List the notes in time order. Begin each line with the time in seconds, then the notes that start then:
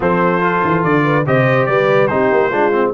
0.00 F3 C4 A4 C5
0.40 F4
0.64 E3
0.83 D3 D5
1.04 B4
1.26 C3 G4 C5 D#5
1.65 G3 B4 D5
2.07 C4 D#4 G4 C5
2.31 A#3
2.49 G#3 D4 F4
2.72 C4